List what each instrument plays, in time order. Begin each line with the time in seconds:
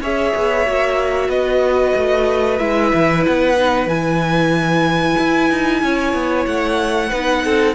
0.00 cello C#4, viola G#4, violin C#5 E5
0.35 cello B3
0.66 cello A#3, viola F#4
1.28 cello B3, violin B4 D#5
1.95 cello A3
2.58 cello G#3, viola E4, violin E5
2.93 cello E3
3.26 cello B3, violin F#5
3.56 viola D#4
3.86 cello E3, viola E4, violin G#5
5.18 cello E4
5.50 cello D#4
5.82 cello C#4, violin C#5
6.13 cello B3
6.46 cello A3, violin F#5
7.09 cello B3, viola D#4, violin B4
7.44 cello C4, violin A4